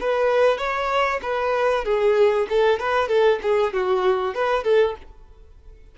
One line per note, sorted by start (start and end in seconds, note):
0.00 0.57 B4
0.57 1.20 C#5
1.22 1.84 B4
1.84 2.47 G#4
2.49 2.79 A4
2.79 3.08 B4
3.08 3.39 A4
3.42 3.73 G#4
3.73 4.34 F#4
4.34 4.63 B4
4.63 4.95 A4